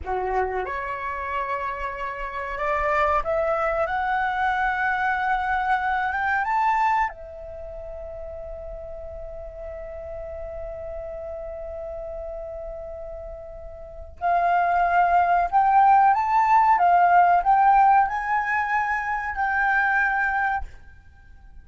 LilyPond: \new Staff \with { instrumentName = "flute" } { \time 4/4 \tempo 4 = 93 fis'4 cis''2. | d''4 e''4 fis''2~ | fis''4. g''8 a''4 e''4~ | e''1~ |
e''1~ | e''2 f''2 | g''4 a''4 f''4 g''4 | gis''2 g''2 | }